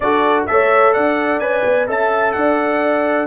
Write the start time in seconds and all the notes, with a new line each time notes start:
0.00 D4 F#4 A4 D5
0.46 A3 A4 C#5 E5
0.93 D4 D5 F#5
1.39 C#4 B4 G#5
1.64 B3
1.87 C#4 A4 E5 A5
2.32 D4 D5 F#5